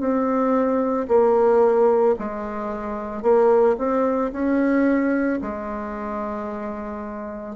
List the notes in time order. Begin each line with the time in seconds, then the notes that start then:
0.00 C4
1.08 A#3
2.19 G#3
3.22 A#3
3.78 C4
4.32 C#4
5.42 G#3